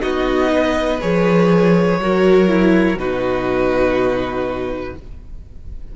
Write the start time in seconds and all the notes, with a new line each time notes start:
0.00 B3 D#4 F#4 D#5
0.52 B4
1.01 F3 G#4 C#5
1.98 F#3 F#4 A#4
2.47 E4
2.96 B2 D#4 F#4 B4